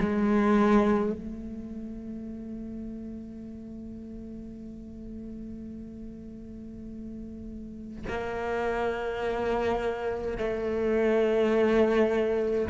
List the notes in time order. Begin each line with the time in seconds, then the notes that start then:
0.00 G#3
1.13 A3
8.08 A#3
10.38 A3